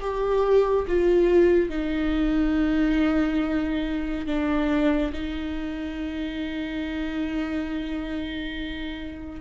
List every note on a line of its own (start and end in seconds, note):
0.00 0.86 G4
0.88 1.69 F4
1.69 4.27 D#4
4.27 5.12 D4
5.13 9.41 D#4